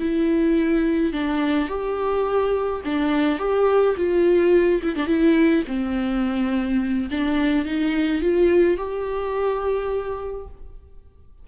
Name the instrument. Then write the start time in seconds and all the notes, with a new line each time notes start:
viola
0.00 E4
1.13 D4
1.69 G4
2.85 D4
3.39 G4
3.97 F4
4.83 E4
4.96 D4
5.07 E4
5.67 C4
7.11 D4
7.65 D#4
8.22 F4
8.77 G4